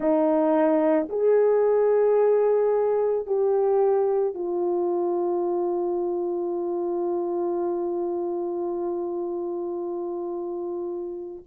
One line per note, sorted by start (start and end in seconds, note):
0.00 1.08 D#4
1.09 3.26 G#4
3.26 4.34 G4
4.34 11.43 F4